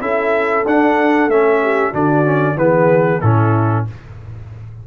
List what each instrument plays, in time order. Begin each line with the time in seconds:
0.00 tuba C#4, trombone E4, horn A4, trumpet E5
0.66 tuba D4, trombone D4, trumpet F#5
1.28 tuba A3, trombone C#4, trumpet E5
1.62 horn G4
1.91 tuba D3, trombone D4, horn F#4, trumpet D5
2.24 trombone C#4
2.56 tuba E3, trombone B3, horn G#4, trumpet B4
3.21 tuba A2, trombone C#4, horn E4, trumpet A4